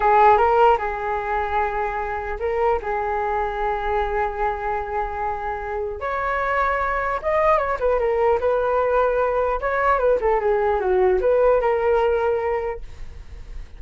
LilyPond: \new Staff \with { instrumentName = "flute" } { \time 4/4 \tempo 4 = 150 gis'4 ais'4 gis'2~ | gis'2 ais'4 gis'4~ | gis'1~ | gis'2. cis''4~ |
cis''2 dis''4 cis''8 b'8 | ais'4 b'2. | cis''4 b'8 a'8 gis'4 fis'4 | b'4 ais'2. | }